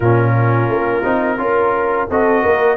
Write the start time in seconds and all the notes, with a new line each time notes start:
0.00 A#2 C#4 F4 A#4
0.68 A#3
1.03 C4 D#4
1.38 C#4 F4 A#4
2.09 C4 F#4 A4 D#5
2.42 A#3 A#4